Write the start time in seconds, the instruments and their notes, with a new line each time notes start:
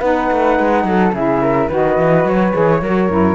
0.00 cello B3, saxophone D#4, flute B4 F#5
0.32 cello A3
0.59 cello G#3
0.84 cello F#3, flute A4
1.13 cello C#3, saxophone E4, flute G#4 E5
1.42 flute A#4
1.68 cello D#3, saxophone F#4, flute B4
1.74 flute D#5
1.98 cello E3
2.25 cello F#3, flute C#5
2.53 cello E3, saxophone G#4
2.82 cello F#3, saxophone F#4, flute A#4
3.10 cello F#2, saxophone E4